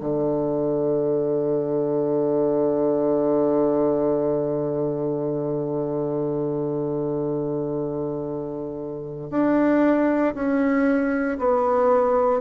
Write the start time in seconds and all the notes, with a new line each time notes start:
0.00 D3
9.31 D4
10.34 C#4
11.39 B3